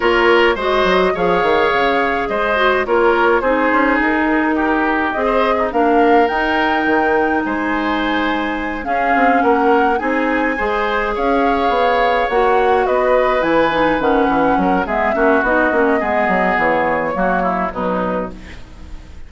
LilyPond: <<
  \new Staff \with { instrumentName = "flute" } { \time 4/4 \tempo 4 = 105 cis''4 dis''4 f''2 | dis''4 cis''4 c''4 ais'4~ | ais'4 dis''4 f''4 g''4~ | g''4 gis''2~ gis''8 f''8~ |
f''8 fis''4 gis''2 f''8~ | f''4. fis''4 dis''4 gis''8~ | gis''8 fis''4. e''4 dis''4~ | dis''4 cis''2 b'4 | }
  \new Staff \with { instrumentName = "oboe" } { \time 4/4 ais'4 c''4 cis''2 | c''4 ais'4 gis'2 | g'4~ g'16 c''8 dis'16 ais'2~ | ais'4 c''2~ c''8 gis'8~ |
gis'8 ais'4 gis'4 c''4 cis''8~ | cis''2~ cis''8 b'4.~ | b'4. ais'8 gis'8 fis'4. | gis'2 fis'8 e'8 dis'4 | }
  \new Staff \with { instrumentName = "clarinet" } { \time 4/4 f'4 fis'4 gis'2~ | gis'8 fis'8 f'4 dis'2~ | dis'4 gis'4 d'4 dis'4~ | dis'2.~ dis'8 cis'8~ |
cis'4. dis'4 gis'4.~ | gis'4. fis'2 e'8 | dis'8 cis'4. b8 cis'8 dis'8 cis'8 | b2 ais4 fis4 | }
  \new Staff \with { instrumentName = "bassoon" } { \time 4/4 ais4 gis8 fis8 f8 dis8 cis4 | gis4 ais4 c'8 cis'8 dis'4~ | dis'4 c'4 ais4 dis'4 | dis4 gis2~ gis8 cis'8 |
c'8 ais4 c'4 gis4 cis'8~ | cis'8 b4 ais4 b4 e8~ | e8 dis8 e8 fis8 gis8 ais8 b8 ais8 | gis8 fis8 e4 fis4 b,4 | }
>>